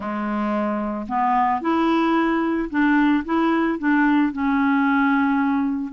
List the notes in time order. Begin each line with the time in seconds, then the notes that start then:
0.00 G#3
1.07 B3
1.61 E4
2.70 D4
3.25 E4
3.78 D4
4.32 C#4